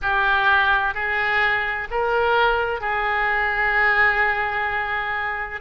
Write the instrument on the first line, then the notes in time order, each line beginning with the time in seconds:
oboe
0.02 G4
0.94 G#4
1.90 A#4
2.80 G#4